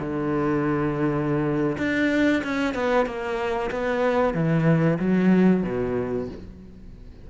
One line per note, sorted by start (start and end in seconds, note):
0.00 1.77 D3
1.78 2.43 D4
2.44 2.74 C#4
2.74 3.06 B3
3.06 3.71 A#3
3.71 4.34 B3
4.34 4.99 E3
4.99 5.63 F#3
5.63 6.28 B2